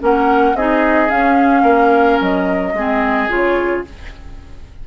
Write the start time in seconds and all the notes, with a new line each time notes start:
0.00 A#3 C#4 A#4 F#5
0.54 C4 D#4 G#4 D#5
1.09 C#4 F5
1.63 A#3 A#4
2.21 F#3 D#5
2.73 G#3 C4 G#4
3.28 C#3 F4 C#5